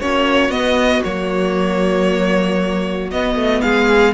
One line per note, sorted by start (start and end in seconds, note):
0.00 0.49 A#3
0.00 0.52 C#4
0.00 3.62 F#4
0.00 0.51 C#5
0.49 1.01 B3
0.49 1.03 B3
0.49 1.03 D#5
1.04 3.12 F#3
1.04 3.11 A#3
1.04 3.11 C#5
3.11 4.14 B3
3.11 3.35 B3
3.11 3.62 D#5
3.35 3.61 A3
3.62 4.14 G#3
3.62 4.14 G#4
3.62 4.14 F5